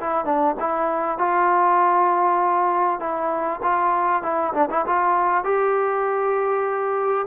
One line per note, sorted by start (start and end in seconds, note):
0.00 0.25 E4
0.25 0.55 D4
0.59 1.18 E4
1.18 2.99 F4
2.99 3.60 E4
3.62 4.22 F4
4.22 4.53 E4
4.53 4.69 D4
4.70 4.85 E4
4.86 5.44 F4
5.44 7.26 G4